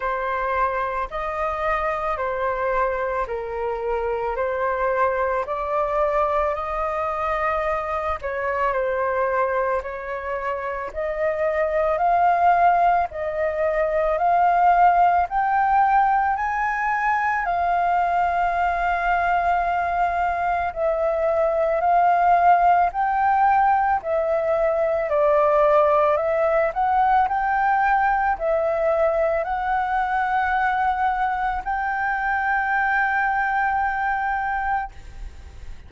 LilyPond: \new Staff \with { instrumentName = "flute" } { \time 4/4 \tempo 4 = 55 c''4 dis''4 c''4 ais'4 | c''4 d''4 dis''4. cis''8 | c''4 cis''4 dis''4 f''4 | dis''4 f''4 g''4 gis''4 |
f''2. e''4 | f''4 g''4 e''4 d''4 | e''8 fis''8 g''4 e''4 fis''4~ | fis''4 g''2. | }